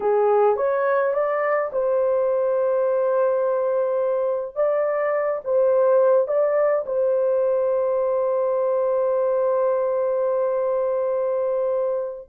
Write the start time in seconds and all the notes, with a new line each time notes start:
0.00 G#4
0.56 C#5
1.13 D5
1.72 C5
4.55 D5
5.44 C5
6.27 D5
6.86 C5